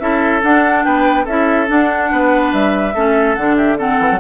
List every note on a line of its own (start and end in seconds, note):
0.00 0.42 C#4
0.00 0.42 E4
0.00 0.85 A4
0.00 0.42 E5
0.43 1.27 D4
0.43 0.85 D4
0.43 0.84 F#5
0.84 1.27 B3
0.84 1.25 B4
0.84 1.26 G5
1.25 1.69 C#4
1.25 1.67 E4
1.25 2.09 A4
1.25 1.69 E5
1.67 2.93 D4
1.67 2.12 D4
1.67 2.53 F#5
2.12 2.53 B3
2.12 2.95 B4
2.53 2.95 G3
2.53 3.35 E5
2.95 3.37 A3
2.95 3.38 C#4
2.95 3.57 A4
3.35 4.00 D3
3.35 3.78 D4
3.35 3.56 F#5
3.57 3.78 G4
3.57 3.78 E5
3.78 4.20 C4
3.78 4.20 A4
3.78 4.20 F#5
4.00 4.10 E3
4.12 4.20 F#3